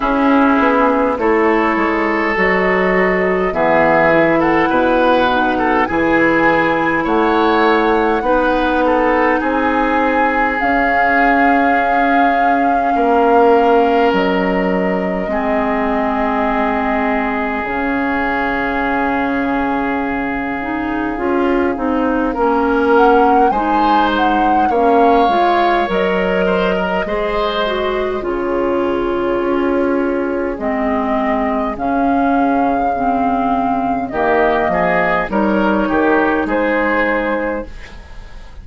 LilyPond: <<
  \new Staff \with { instrumentName = "flute" } { \time 4/4 \tempo 4 = 51 gis'4 cis''4 dis''4 e''8. fis''16~ | fis''4 gis''4 fis''2 | gis''4 f''2. | dis''2. f''4~ |
f''2.~ f''8 fis''8 | gis''8 fis''8 f''4 dis''2 | cis''2 dis''4 f''4~ | f''4 dis''4 cis''4 c''4 | }
  \new Staff \with { instrumentName = "oboe" } { \time 4/4 e'4 a'2 gis'8. a'16 | b'8. a'16 gis'4 cis''4 b'8 a'8 | gis'2. ais'4~ | ais'4 gis'2.~ |
gis'2. ais'4 | c''4 cis''4. c''16 ais'16 c''4 | gis'1~ | gis'4 g'8 gis'8 ais'8 g'8 gis'4 | }
  \new Staff \with { instrumentName = "clarinet" } { \time 4/4 cis'4 e'4 fis'4 b8 e'8~ | e'8 dis'8 e'2 dis'4~ | dis'4 cis'2.~ | cis'4 c'2 cis'4~ |
cis'4. dis'8 f'8 dis'8 cis'4 | dis'4 cis'8 f'8 ais'4 gis'8 fis'8 | f'2 c'4 cis'4 | c'4 ais4 dis'2 | }
  \new Staff \with { instrumentName = "bassoon" } { \time 4/4 cis'8 b8 a8 gis8 fis4 e4 | b,4 e4 a4 b4 | c'4 cis'2 ais4 | fis4 gis2 cis4~ |
cis2 cis'8 c'8 ais4 | gis4 ais8 gis8 fis4 gis4 | cis4 cis'4 gis4 cis4~ | cis4 dis8 f8 g8 dis8 gis4 | }
>>